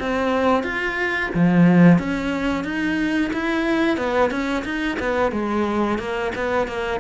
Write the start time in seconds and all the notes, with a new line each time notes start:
0.00 C4
0.64 F4
1.35 F3
1.99 C#4
2.65 D#4
3.33 E4
3.98 B3
4.31 C#4
4.65 D#4
5.00 B3
5.32 G#3
5.99 A#3
6.36 B3
6.68 A#3